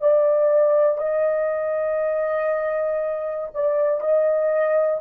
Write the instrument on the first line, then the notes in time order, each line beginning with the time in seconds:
horn
0.00 D5
0.98 D#5
3.54 D5
4.00 D#5